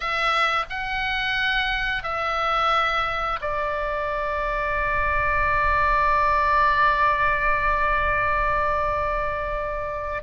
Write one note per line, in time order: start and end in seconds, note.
0.00 0.65 E5
0.69 2.03 F#5
2.03 3.39 E5
3.41 10.23 D5